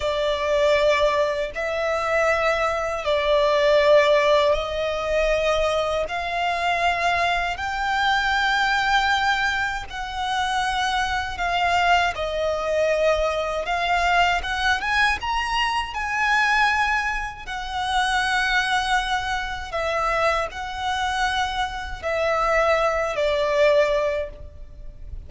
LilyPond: \new Staff \with { instrumentName = "violin" } { \time 4/4 \tempo 4 = 79 d''2 e''2 | d''2 dis''2 | f''2 g''2~ | g''4 fis''2 f''4 |
dis''2 f''4 fis''8 gis''8 | ais''4 gis''2 fis''4~ | fis''2 e''4 fis''4~ | fis''4 e''4. d''4. | }